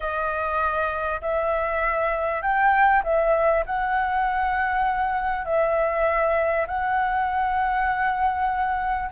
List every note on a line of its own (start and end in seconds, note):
0.00 1.21 D#5
1.21 2.42 E5
2.42 3.02 G5
3.03 3.64 E5
3.66 5.45 F#5
5.45 6.66 E5
6.67 9.09 F#5